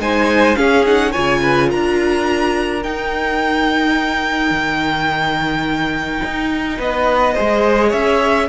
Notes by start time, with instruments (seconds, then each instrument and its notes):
0.00 cello G#3, viola D#4, violin C5 G#5
0.56 viola C#4, cello C#4, violin G#4 F5
0.86 viola D#4, violin F#5
1.12 cello C#3, viola F4, violin C#5 G#5
1.43 violin B4
1.70 cello D4, violin A#4 A#5
2.83 viola D#4, cello D#4, violin G5
4.51 cello D#3
6.25 cello D#4
6.78 cello B3, violin B4 D#5
7.35 cello G#3, viola G#4, violin C5
7.89 cello C#4, violin C#5 E5